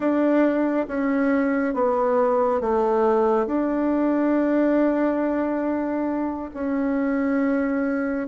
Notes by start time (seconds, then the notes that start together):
0.00 D4
0.87 C#4
1.74 B3
2.60 A3
3.46 D4
6.53 C#4